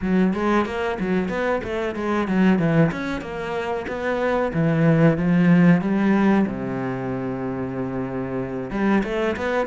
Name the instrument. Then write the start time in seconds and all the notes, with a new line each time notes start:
cello
0.01 F#3
0.33 G#3
0.65 A#3
0.99 F#3
1.28 B3
1.63 A3
1.95 G#3
2.27 F#3
2.58 E3
2.91 C#4
3.21 A#3
3.87 B3
4.53 E3
5.17 F3
5.81 G3
6.46 C3
8.70 G3
9.03 A3
9.36 B3